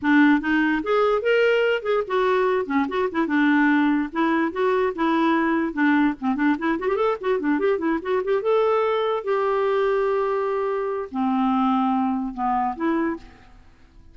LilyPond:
\new Staff \with { instrumentName = "clarinet" } { \time 4/4 \tempo 4 = 146 d'4 dis'4 gis'4 ais'4~ | ais'8 gis'8 fis'4. cis'8 fis'8 e'8 | d'2 e'4 fis'4 | e'2 d'4 c'8 d'8 |
e'8 fis'16 g'16 a'8 fis'8 d'8 g'8 e'8 fis'8 | g'8 a'2 g'4.~ | g'2. c'4~ | c'2 b4 e'4 | }